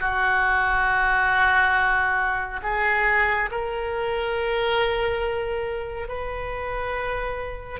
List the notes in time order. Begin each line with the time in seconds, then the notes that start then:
0.00 F#4
2.63 G#4
3.51 A#4
6.08 B4